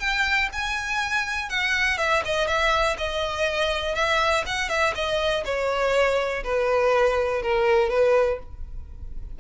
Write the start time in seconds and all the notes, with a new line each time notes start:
0.00 G5
0.53 G#5
1.50 F#5
1.98 E5
2.26 D#5
2.48 E5
2.98 D#5
3.95 E5
4.47 F#5
4.70 E5
4.95 D#5
5.45 C#5
6.44 B4
7.43 A#4
7.90 B4